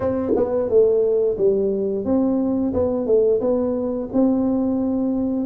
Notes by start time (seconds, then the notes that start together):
0.00 C4
0.36 B3
0.69 A3
1.37 G3
2.05 C4
2.73 B3
3.06 A3
3.41 B3
4.12 C4